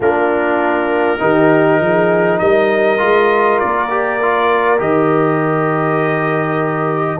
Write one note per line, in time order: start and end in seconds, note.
0.00 1.20 A#3
0.00 1.18 D4
0.00 1.19 F4
0.00 2.39 A#4
1.18 1.79 D#3
1.18 2.98 D#4
1.18 1.81 G4
1.79 2.40 F3
1.79 2.40 G#4
2.39 3.00 G3
2.39 7.19 A#4
2.39 3.58 D#5
2.98 3.61 G#3
2.98 3.88 F4
3.59 4.79 A#3
3.59 4.79 D5
3.89 4.19 G4
4.21 4.78 F4
4.78 7.19 D#3
4.78 7.18 G4
4.78 7.19 D#5